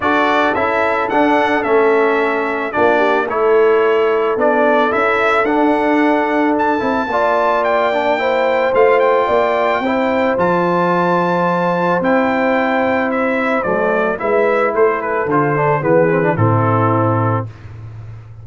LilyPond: <<
  \new Staff \with { instrumentName = "trumpet" } { \time 4/4 \tempo 4 = 110 d''4 e''4 fis''4 e''4~ | e''4 d''4 cis''2 | d''4 e''4 fis''2 | a''2 g''2 |
f''8 g''2~ g''8 a''4~ | a''2 g''2 | e''4 d''4 e''4 c''8 b'8 | c''4 b'4 a'2 | }
  \new Staff \with { instrumentName = "horn" } { \time 4/4 a'1~ | a'4 f'8 g'8 a'2~ | a'1~ | a'4 d''2 c''4~ |
c''4 d''4 c''2~ | c''1~ | c''2 b'4 a'4~ | a'4 gis'4 e'2 | }
  \new Staff \with { instrumentName = "trombone" } { \time 4/4 fis'4 e'4 d'4 cis'4~ | cis'4 d'4 e'2 | d'4 e'4 d'2~ | d'8 e'8 f'4. d'8 e'4 |
f'2 e'4 f'4~ | f'2 e'2~ | e'4 a4 e'2 | f'8 d'8 b8 c'16 d'16 c'2 | }
  \new Staff \with { instrumentName = "tuba" } { \time 4/4 d'4 cis'4 d'4 a4~ | a4 ais4 a2 | b4 cis'4 d'2~ | d'8 c'8 ais2. |
a4 ais4 c'4 f4~ | f2 c'2~ | c'4 fis4 gis4 a4 | d4 e4 a,2 | }
>>